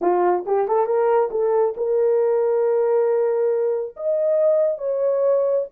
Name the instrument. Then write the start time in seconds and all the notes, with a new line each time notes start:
horn
0.01 F4
0.46 G4
0.68 A4
0.85 A#4
1.31 A4
1.76 A#4
3.96 D#5
4.78 C#5